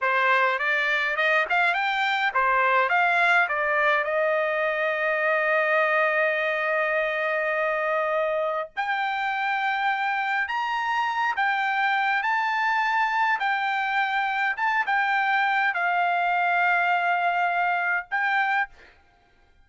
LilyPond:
\new Staff \with { instrumentName = "trumpet" } { \time 4/4 \tempo 4 = 103 c''4 d''4 dis''8 f''8 g''4 | c''4 f''4 d''4 dis''4~ | dis''1~ | dis''2. g''4~ |
g''2 ais''4. g''8~ | g''4 a''2 g''4~ | g''4 a''8 g''4. f''4~ | f''2. g''4 | }